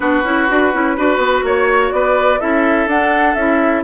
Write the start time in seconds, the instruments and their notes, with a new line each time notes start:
0.00 bassoon B3, clarinet D4, oboe F#4, flute B4
0.23 bassoon C#4, clarinet E4
0.48 bassoon D4, clarinet F#4
0.72 bassoon C#4, clarinet E4
0.96 bassoon D4, clarinet F#4, oboe B4
1.17 bassoon B3
1.43 bassoon A#3, oboe C#5, flute C#5
1.92 bassoon B3, oboe B4, flute D5
2.39 bassoon C#4, clarinet E4, oboe A4, flute E5
2.86 bassoon D4, clarinet D4, flute F#5
3.34 bassoon C#4, clarinet E4, flute E5